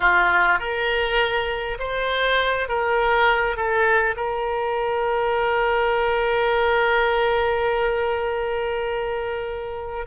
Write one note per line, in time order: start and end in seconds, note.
0.00 0.59 F4
0.59 1.78 A#4
1.79 2.68 C5
2.68 3.56 A#4
3.56 4.15 A4
4.16 10.06 A#4